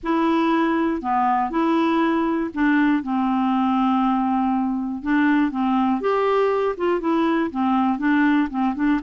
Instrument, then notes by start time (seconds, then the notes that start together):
clarinet
0.03 E4
1.01 B3
1.50 E4
2.54 D4
3.02 C4
5.02 D4
5.51 C4
6.00 G4
6.77 F4
7.00 E4
7.50 C4
7.98 D4
8.50 C4
8.75 D4